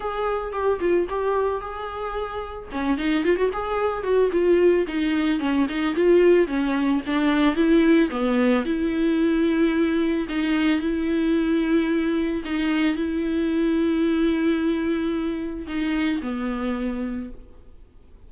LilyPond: \new Staff \with { instrumentName = "viola" } { \time 4/4 \tempo 4 = 111 gis'4 g'8 f'8 g'4 gis'4~ | gis'4 cis'8 dis'8 f'16 fis'16 gis'4 fis'8 | f'4 dis'4 cis'8 dis'8 f'4 | cis'4 d'4 e'4 b4 |
e'2. dis'4 | e'2. dis'4 | e'1~ | e'4 dis'4 b2 | }